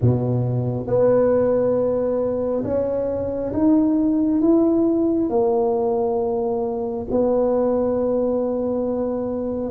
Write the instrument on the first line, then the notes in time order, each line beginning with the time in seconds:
tuba
0.01 B2
0.87 B3
2.64 C#4
3.53 D#4
4.41 E4
5.29 A#3
7.10 B3